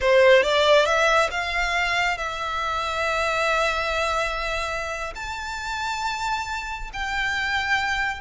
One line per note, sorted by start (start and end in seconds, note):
0.00 0.42 C5
0.42 0.85 D5
0.85 1.29 E5
1.30 2.17 F5
2.17 5.13 E5
5.15 6.90 A5
6.93 8.20 G5